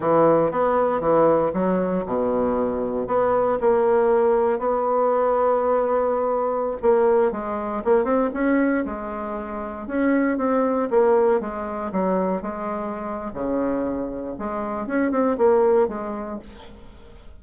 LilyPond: \new Staff \with { instrumentName = "bassoon" } { \time 4/4 \tempo 4 = 117 e4 b4 e4 fis4 | b,2 b4 ais4~ | ais4 b2.~ | b4~ b16 ais4 gis4 ais8 c'16~ |
c'16 cis'4 gis2 cis'8.~ | cis'16 c'4 ais4 gis4 fis8.~ | fis16 gis4.~ gis16 cis2 | gis4 cis'8 c'8 ais4 gis4 | }